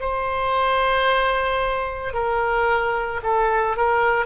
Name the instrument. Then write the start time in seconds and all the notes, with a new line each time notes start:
oboe
0.00 C5
2.13 A#4
3.23 A4
3.76 A#4